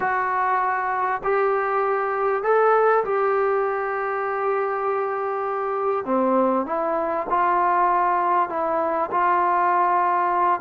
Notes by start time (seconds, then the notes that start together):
0.00 F#4
1.23 G4
2.43 A4
3.04 G4
6.05 C4
6.66 E4
7.29 F4
8.49 E4
9.11 F4